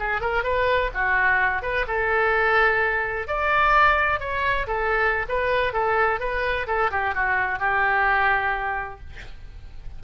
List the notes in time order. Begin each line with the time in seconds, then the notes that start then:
0.00 G#4
0.22 A#4
0.44 B4
0.95 F#4
1.63 B4
1.88 A4
3.28 D5
4.20 C#5
4.68 A4
5.29 B4
5.74 A4
6.20 B4
6.68 A4
6.92 G4
7.15 F#4
7.60 G4